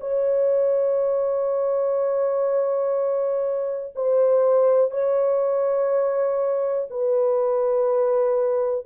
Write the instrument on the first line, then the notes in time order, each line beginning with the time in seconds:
horn
0.00 C#5
3.95 C5
4.91 C#5
6.90 B4